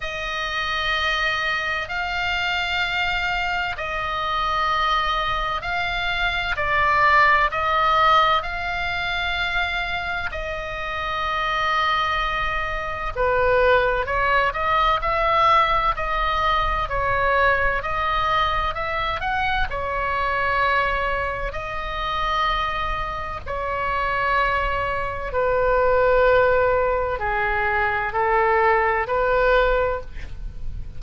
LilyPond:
\new Staff \with { instrumentName = "oboe" } { \time 4/4 \tempo 4 = 64 dis''2 f''2 | dis''2 f''4 d''4 | dis''4 f''2 dis''4~ | dis''2 b'4 cis''8 dis''8 |
e''4 dis''4 cis''4 dis''4 | e''8 fis''8 cis''2 dis''4~ | dis''4 cis''2 b'4~ | b'4 gis'4 a'4 b'4 | }